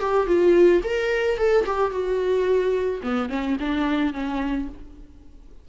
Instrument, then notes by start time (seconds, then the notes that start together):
viola
0.00 G4
0.27 F4
0.84 A#4
1.38 A4
1.66 G4
1.91 F#4
3.03 B3
3.29 C#4
3.60 D4
4.13 C#4